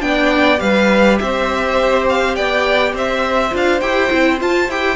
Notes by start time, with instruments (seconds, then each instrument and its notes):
0.00 cello B3, viola D4, violin G5
0.08 violin D5
0.57 cello G3, viola G4, violin B4 F5
1.18 cello C4, violin C5 E5
2.09 violin F5
2.35 cello B3, violin D5 G5
2.92 cello C4, violin C5 E5
3.50 cello D4, viola F4, violin F5
3.80 cello E4, viola G4, violin G5
4.09 cello C4, viola E4
4.40 viola F4, cello F4, violin A5
4.68 cello E4, viola G4, violin G5